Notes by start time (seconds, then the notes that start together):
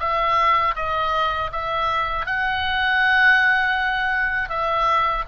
0.00 E5
0.76 D#5
1.52 E5
2.26 F#5
4.50 E5